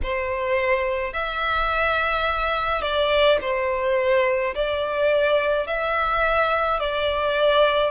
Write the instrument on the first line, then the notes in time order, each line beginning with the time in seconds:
violin
0.03 C5
1.13 E5
2.81 D5
3.41 C5
4.54 D5
5.66 E5
6.79 D5